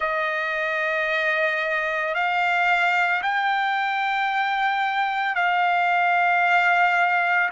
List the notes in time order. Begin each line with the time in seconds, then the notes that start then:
0.00 D#5
2.14 F5
3.22 G5
5.35 F5